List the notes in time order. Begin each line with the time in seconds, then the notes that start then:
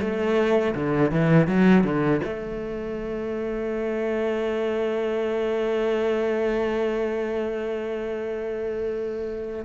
0.00 A3
0.75 D3
1.11 E3
1.47 F#3
1.84 D3
2.24 A3